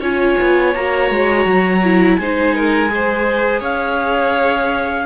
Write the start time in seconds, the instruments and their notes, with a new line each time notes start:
0.00 cello C#4, viola F4, violin C#5, clarinet G#5
0.41 cello B3
0.74 cello A#3, viola F#4, clarinet A#5
1.11 cello G#3
1.45 cello F#3
1.84 viola E4
2.17 cello G#3, viola D#4, violin C5, clarinet G#5
2.55 violin A#4
2.88 viola G#4
2.95 violin C5
3.60 cello C#4, violin C#5, clarinet F5